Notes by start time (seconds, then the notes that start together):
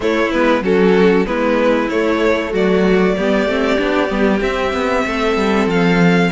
0.00 A3 E4 C#5
0.31 G#3 B3 B4
0.61 F#3 C#4 F#4 A4
1.26 G#3 B3 E4 B4
1.89 A3 C#5
2.52 F#3 F#4 D5
3.16 G3 B3 G4
3.46 A3 C4
3.77 B3 D4
4.08 G3 B3
4.41 C4 E5
4.72 B3
5.05 A3 A4
5.36 G3
5.66 F3 F5